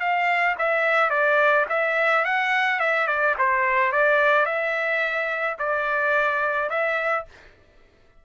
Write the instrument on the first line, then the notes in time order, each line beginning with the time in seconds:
trumpet
0.00 F5
0.59 E5
1.10 D5
1.69 E5
2.25 F#5
2.80 E5
3.07 D5
3.38 C5
3.92 D5
4.46 E5
5.59 D5
6.70 E5